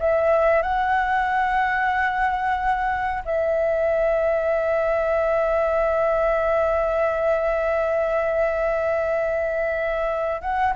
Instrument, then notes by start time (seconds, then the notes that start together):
flute
0.00 E5
0.62 F#5
3.25 E5
10.41 F#5